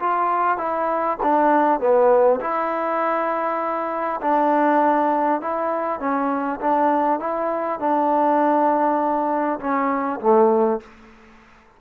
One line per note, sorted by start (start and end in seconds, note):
0.00 0.58 F4
0.58 1.18 E4
1.23 1.81 D4
1.81 2.41 B3
2.41 4.21 E4
4.21 5.41 D4
5.42 6.00 E4
6.00 6.60 C#4
6.61 7.20 D4
7.20 7.80 E4
7.80 9.60 D4
9.60 10.20 C#4
10.21 10.81 A3